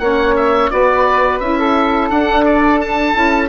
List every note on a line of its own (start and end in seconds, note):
0.00 0.70 A#3
0.00 0.72 C#4
0.00 0.73 C#5
0.00 0.35 F#5
0.37 0.71 E5
0.71 1.41 B3
0.71 1.41 F#4
0.71 1.59 B4
0.71 1.40 D5
1.40 2.10 C#4
1.40 2.11 E4
1.40 2.10 E5
1.59 3.49 A4
2.10 3.15 D4
2.10 2.45 F#5
2.46 2.81 D5
2.81 3.49 A5
3.15 3.49 C#4
3.15 3.49 E4